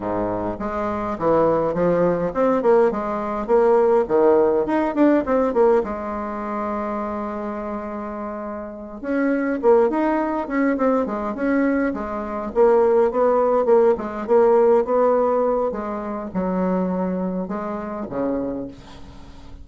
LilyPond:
\new Staff \with { instrumentName = "bassoon" } { \time 4/4 \tempo 4 = 103 gis,4 gis4 e4 f4 | c'8 ais8 gis4 ais4 dis4 | dis'8 d'8 c'8 ais8 gis2~ | gis2.~ gis8 cis'8~ |
cis'8 ais8 dis'4 cis'8 c'8 gis8 cis'8~ | cis'8 gis4 ais4 b4 ais8 | gis8 ais4 b4. gis4 | fis2 gis4 cis4 | }